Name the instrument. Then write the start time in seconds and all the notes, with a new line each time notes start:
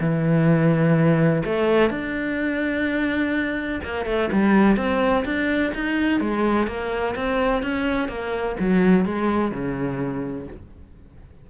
cello
0.00 E3
1.45 A3
1.90 D4
3.84 A#3
4.06 A3
4.32 G3
4.77 C4
5.25 D4
5.74 D#4
6.21 G#3
6.67 A#3
7.16 C4
7.63 C#4
8.08 A#3
8.60 F#3
9.05 G#3
9.52 C#3